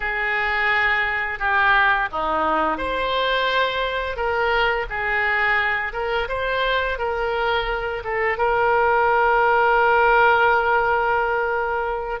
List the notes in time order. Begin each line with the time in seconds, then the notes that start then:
0.00 G#4
1.39 G4
2.11 D#4
2.77 C5
4.16 A#4
4.89 G#4
5.93 A#4
6.28 C5
6.98 A#4
8.04 A4
8.37 A#4